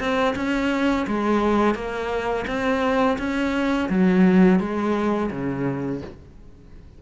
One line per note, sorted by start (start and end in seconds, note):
0.00 0.35 C4
0.36 1.07 C#4
1.07 1.75 G#3
1.75 2.46 A#3
2.48 3.18 C4
3.19 3.90 C#4
3.90 4.60 F#3
4.60 5.31 G#3
5.31 6.02 C#3